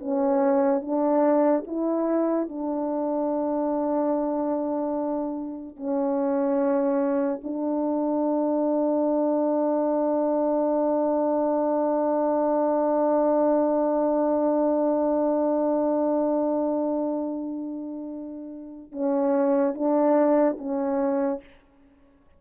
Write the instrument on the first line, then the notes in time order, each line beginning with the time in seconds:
horn
0.00 C#4
0.82 D4
1.67 E4
2.49 D4
5.76 C#4
7.44 D4
18.92 C#4
19.74 D4
20.59 C#4